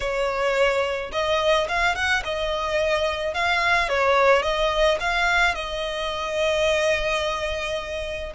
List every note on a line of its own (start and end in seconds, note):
0.00 1.11 C#5
1.12 1.67 D#5
1.68 1.95 F5
1.95 2.22 F#5
2.24 3.33 D#5
3.33 3.89 F5
3.89 4.42 C#5
4.42 4.97 D#5
4.99 5.55 F5
5.55 8.32 D#5